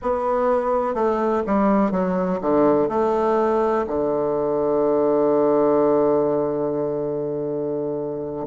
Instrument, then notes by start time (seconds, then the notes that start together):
bassoon
0.01 B3
0.94 A3
1.46 G3
1.91 F#3
2.41 D3
2.88 A3
3.87 D3